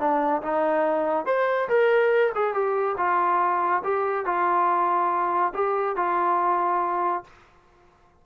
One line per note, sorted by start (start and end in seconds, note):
0.00 0.43 D4
0.43 1.26 D#4
1.26 1.69 C5
1.69 2.33 A#4
2.36 2.54 G#4
2.54 2.97 G4
2.98 3.83 F4
3.84 4.26 G4
4.26 5.53 F4
5.55 5.97 G4
5.97 7.25 F4